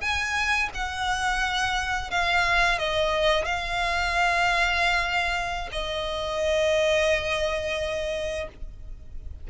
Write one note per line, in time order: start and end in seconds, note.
0.00 0.69 G#5
0.74 2.10 F#5
2.10 2.78 F5
2.78 3.45 D#5
3.45 5.69 F5
5.71 8.47 D#5